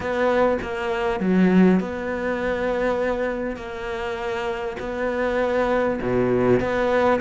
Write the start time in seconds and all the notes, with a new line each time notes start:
0.00 B3
0.62 A#3
1.20 F#3
1.80 B3
3.56 A#3
4.79 B3
6.02 B2
6.60 B3